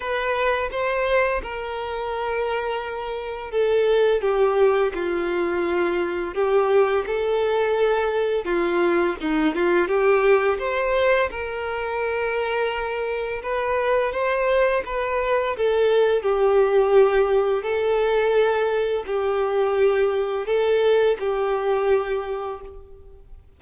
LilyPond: \new Staff \with { instrumentName = "violin" } { \time 4/4 \tempo 4 = 85 b'4 c''4 ais'2~ | ais'4 a'4 g'4 f'4~ | f'4 g'4 a'2 | f'4 dis'8 f'8 g'4 c''4 |
ais'2. b'4 | c''4 b'4 a'4 g'4~ | g'4 a'2 g'4~ | g'4 a'4 g'2 | }